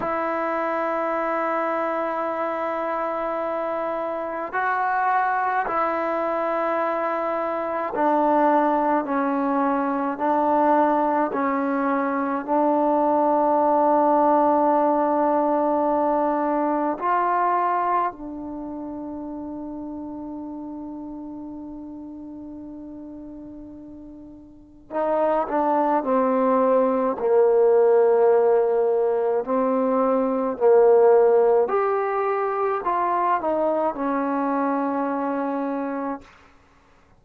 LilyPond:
\new Staff \with { instrumentName = "trombone" } { \time 4/4 \tempo 4 = 53 e'1 | fis'4 e'2 d'4 | cis'4 d'4 cis'4 d'4~ | d'2. f'4 |
d'1~ | d'2 dis'8 d'8 c'4 | ais2 c'4 ais4 | g'4 f'8 dis'8 cis'2 | }